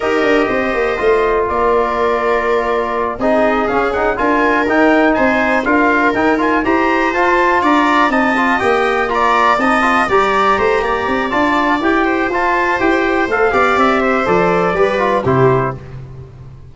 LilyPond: <<
  \new Staff \with { instrumentName = "trumpet" } { \time 4/4 \tempo 4 = 122 dis''2. d''4~ | d''2~ d''8 dis''4 f''8 | fis''8 gis''4 g''4 gis''4 f''8~ | f''8 g''8 gis''8 ais''4 a''4 ais''8~ |
ais''8 a''4 g''4 ais''4 a''8~ | a''8 ais''2~ ais''8 a''4 | g''4 a''4 g''4 f''4 | e''4 d''2 c''4 | }
  \new Staff \with { instrumentName = "viola" } { \time 4/4 ais'4 c''2 ais'4~ | ais'2~ ais'8 gis'4.~ | gis'8 ais'2 c''4 ais'8~ | ais'4. c''2 d''8~ |
d''8 dis''2 d''4 dis''8~ | dis''8 d''4 c''8 d''2~ | d''8 c''2. d''8~ | d''8 c''4. b'4 g'4 | }
  \new Staff \with { instrumentName = "trombone" } { \time 4/4 g'2 f'2~ | f'2~ f'8 dis'4 cis'8 | dis'8 f'4 dis'2 f'8~ | f'8 dis'8 f'8 g'4 f'4.~ |
f'8 dis'8 f'8 g'4 f'4 dis'8 | f'8 g'2~ g'8 f'4 | g'4 f'4 g'4 a'8 g'8~ | g'4 a'4 g'8 f'8 e'4 | }
  \new Staff \with { instrumentName = "tuba" } { \time 4/4 dis'8 d'8 c'8 ais8 a4 ais4~ | ais2~ ais8 c'4 cis'8~ | cis'8 d'4 dis'4 c'4 d'8~ | d'8 dis'4 e'4 f'4 d'8~ |
d'8 c'4 ais2 c'8~ | c'8 g4 a8 ais8 c'8 d'4 | e'4 f'4 e'4 a8 b8 | c'4 f4 g4 c4 | }
>>